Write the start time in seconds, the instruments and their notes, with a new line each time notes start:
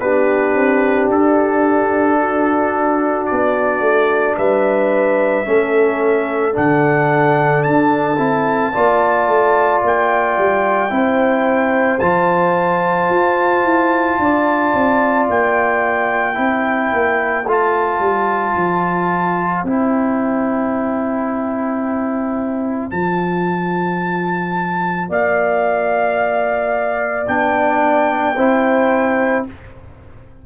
0.00 tuba B3, trombone D4, horn G4, trumpet B4
0.54 tuba C4
1.10 tuba D4, trumpet A4
2.20 horn F#4
3.26 tuba B3, trumpet D5
3.80 tuba A3
4.37 tuba G3, horn B4, trumpet E5
5.45 tuba A3, trombone C#4, horn A4
6.53 tuba D3, trombone D4, trumpet F#5
7.63 tuba D4, trumpet A5
8.18 tuba C4, trombone E4
8.74 tuba A#3, trombone F4, horn D5
9.27 tuba A3
9.82 tuba A#3, trumpet G5
10.38 tuba G3
10.90 tuba C4, trombone E4, horn C5
11.99 tuba F3, trombone F4, trumpet A5
13.09 tuba F4
13.64 tuba E4
14.19 tuba D4, horn D5
14.73 tuba C4
15.29 tuba A#3, trumpet G5
16.34 tuba C4, trombone E4, horn C5
16.92 tuba A#3
17.46 tuba A3, trombone F4, trumpet A5
18.00 tuba G3
18.56 tuba F3
19.64 tuba C4, trombone E4, trumpet G5
22.91 tuba F3, trombone F4, trumpet A5
25.09 tuba A#3, horn D5, trumpet F5
27.26 tuba B3, trombone D4, trumpet G5
28.36 tuba C4, trombone E4, horn C5